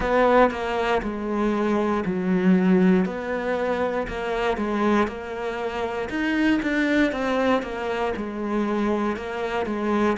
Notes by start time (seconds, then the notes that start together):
0.00 B3
0.50 A#3
1.02 G#3
2.05 F#3
3.05 B3
4.07 A#3
4.57 G#3
5.07 A#3
6.09 D#4
6.62 D4
7.11 C4
7.62 A#3
8.16 G#3
9.16 A#3
9.66 G#3